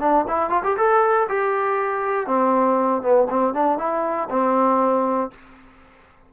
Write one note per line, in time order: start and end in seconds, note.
0.00 0.25 D4
0.28 0.50 E4
0.50 0.63 F4
0.64 0.77 G4
0.77 1.28 A4
1.29 2.27 G4
2.27 3.02 C4
3.02 3.28 B3
3.30 3.54 C4
3.54 3.78 D4
3.78 4.29 E4
4.30 5.31 C4